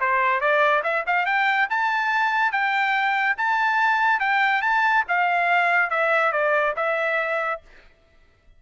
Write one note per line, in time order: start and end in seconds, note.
0.00 0.40 C5
0.40 0.83 D5
0.83 1.04 E5
1.07 1.26 F5
1.26 1.68 G5
1.70 2.52 A5
2.52 3.36 G5
3.37 4.20 A5
4.20 4.62 G5
4.62 5.04 A5
5.08 5.90 F5
5.90 6.32 E5
6.32 6.74 D5
6.76 7.61 E5